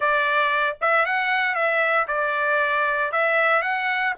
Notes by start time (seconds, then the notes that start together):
0.00 D5
0.81 E5
1.05 F#5
1.54 E5
2.07 D5
3.12 E5
3.61 F#5